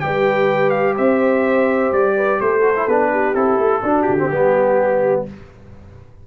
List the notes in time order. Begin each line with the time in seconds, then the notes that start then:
0.00 G3 G4 B4 G5
0.70 F5
0.95 C4 C5 E5
1.92 G3 D5
2.16 B4
2.40 A3 A4 C5
2.62 F#4
2.76 E4
2.87 B3 D4 B4
3.12 G4
3.34 C4 E4 A4
3.57 A3
3.83 D4 F#4
4.02 G4
4.09 D3
4.18 C4
4.30 G3 B3 G4